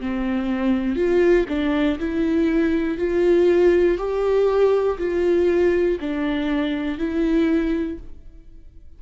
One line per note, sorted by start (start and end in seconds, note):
0.00 0.96 C4
0.96 1.46 F4
1.49 1.99 D4
1.99 2.98 E4
2.98 3.98 F4
3.98 4.98 G4
4.98 5.98 F4
6.00 6.98 D4
6.98 7.98 E4